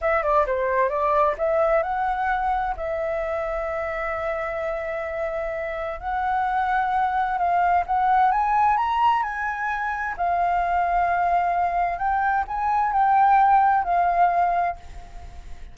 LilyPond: \new Staff \with { instrumentName = "flute" } { \time 4/4 \tempo 4 = 130 e''8 d''8 c''4 d''4 e''4 | fis''2 e''2~ | e''1~ | e''4 fis''2. |
f''4 fis''4 gis''4 ais''4 | gis''2 f''2~ | f''2 g''4 gis''4 | g''2 f''2 | }